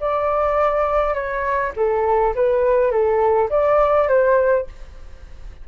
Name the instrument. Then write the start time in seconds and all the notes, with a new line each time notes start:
flute
0.00 D5
1.14 C#5
1.76 A4
2.35 B4
2.91 A4
3.50 D5
4.08 C5